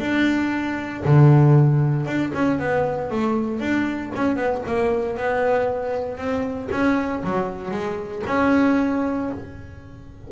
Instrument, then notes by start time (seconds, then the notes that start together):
double bass
0.00 D4
1.05 D3
2.06 D4
2.34 C#4
2.59 B3
3.11 A3
3.60 D4
4.16 C#4
4.37 B3
4.67 A#3
5.17 B3
6.18 C4
6.71 C#4
7.24 F#3
7.71 G#3
8.27 C#4